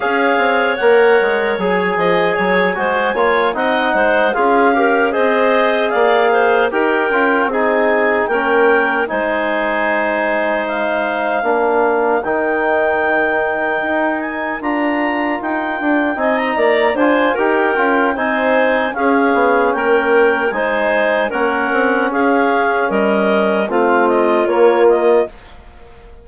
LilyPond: <<
  \new Staff \with { instrumentName = "clarinet" } { \time 4/4 \tempo 4 = 76 f''4 fis''4 gis''2~ | gis''8 fis''4 f''4 dis''4 f''8~ | f''8 g''4 gis''4 g''4 gis''8~ | gis''4. f''2 g''8~ |
g''2 gis''8 ais''4 g''8~ | g''8 gis''16 ais''8. gis''8 g''4 gis''4 | f''4 g''4 gis''4 fis''4 | f''4 dis''4 f''8 dis''8 cis''8 dis''8 | }
  \new Staff \with { instrumentName = "clarinet" } { \time 4/4 cis''2~ cis''8 dis''8 cis''8 c''8 | cis''8 dis''8 c''8 gis'8 ais'8 c''4 d''8 | c''8 ais'4 gis'4 ais'4 c''8~ | c''2~ c''8 ais'4.~ |
ais'1~ | ais'8 dis''8 d''8 c''8 ais'4 c''4 | gis'4 ais'4 c''4 ais'4 | gis'4 ais'4 f'2 | }
  \new Staff \with { instrumentName = "trombone" } { \time 4/4 gis'4 ais'4 gis'4. fis'8 | f'8 dis'4 f'8 g'8 gis'4.~ | gis'8 g'8 f'8 dis'4 cis'4 dis'8~ | dis'2~ dis'8 d'4 dis'8~ |
dis'2~ dis'8 f'4.~ | f'8 dis'4 f'8 g'8 f'8 dis'4 | cis'2 dis'4 cis'4~ | cis'2 c'4 ais4 | }
  \new Staff \with { instrumentName = "bassoon" } { \time 4/4 cis'8 c'8 ais8 gis8 fis8 f8 fis8 gis8 | ais8 c'8 gis8 cis'4 c'4 ais8~ | ais8 dis'8 cis'8 c'4 ais4 gis8~ | gis2~ gis8 ais4 dis8~ |
dis4. dis'4 d'4 dis'8 | d'8 c'8 ais8 d'8 dis'8 cis'8 c'4 | cis'8 b8 ais4 gis4 ais8 c'8 | cis'4 g4 a4 ais4 | }
>>